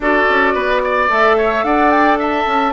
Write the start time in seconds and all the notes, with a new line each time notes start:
0.00 D4 F#4 A4 D5
0.29 C#4
0.54 B3 B4
0.83 D5
1.09 A3 A4 E5
1.37 C#5
1.63 D4 D5 F#5
1.90 G5
2.18 E5 A5
2.47 C#4